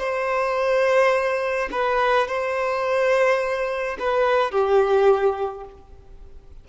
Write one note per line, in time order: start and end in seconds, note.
0.00 1.70 C5
1.72 2.28 B4
2.28 3.98 C5
4.00 4.52 B4
4.52 5.65 G4